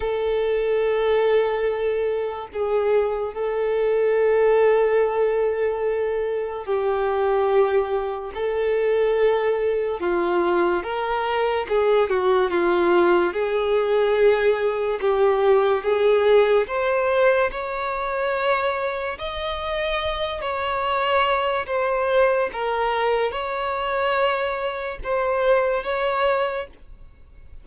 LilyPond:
\new Staff \with { instrumentName = "violin" } { \time 4/4 \tempo 4 = 72 a'2. gis'4 | a'1 | g'2 a'2 | f'4 ais'4 gis'8 fis'8 f'4 |
gis'2 g'4 gis'4 | c''4 cis''2 dis''4~ | dis''8 cis''4. c''4 ais'4 | cis''2 c''4 cis''4 | }